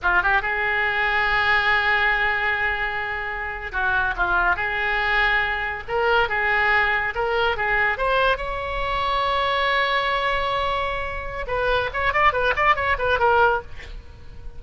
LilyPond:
\new Staff \with { instrumentName = "oboe" } { \time 4/4 \tempo 4 = 141 f'8 g'8 gis'2.~ | gis'1~ | gis'8. fis'4 f'4 gis'4~ gis'16~ | gis'4.~ gis'16 ais'4 gis'4~ gis'16~ |
gis'8. ais'4 gis'4 c''4 cis''16~ | cis''1~ | cis''2. b'4 | cis''8 d''8 b'8 d''8 cis''8 b'8 ais'4 | }